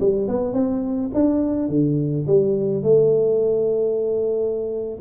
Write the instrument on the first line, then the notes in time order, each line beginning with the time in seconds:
tuba
0.00 G3
0.28 B3
0.53 C4
1.14 D4
1.69 D3
2.27 G3
2.83 A3